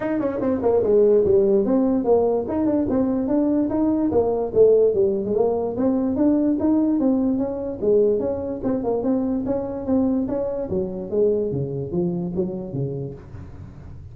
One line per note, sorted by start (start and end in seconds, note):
0.00 0.19 D#4
0.19 0.40 C#4
0.40 0.61 C4
0.62 0.82 A#3
0.83 1.24 G#3
1.25 1.65 G3
1.65 2.04 C4
2.04 2.45 A#3
2.48 2.65 D#4
2.65 2.86 D4
2.89 3.27 C4
3.27 3.68 D4
3.69 4.10 D#4
4.11 4.52 A#3
4.54 4.94 A3
4.94 5.24 G3
5.24 5.34 G#3
5.34 5.76 A#3
5.76 6.16 C4
6.16 6.57 D4
6.59 6.99 D#4
6.99 7.37 C4
7.37 7.79 C#4
7.81 8.19 G#3
8.19 8.60 C#4
8.63 8.83 C4
8.83 9.03 A#3
9.03 9.44 C4
9.45 9.86 C#4
9.86 10.27 C4
10.28 10.69 C#4
10.69 11.10 F#3
11.10 11.51 G#3
11.51 11.91 C#3
11.91 12.32 F3
12.35 12.72 F#3
12.72 13.14 C#3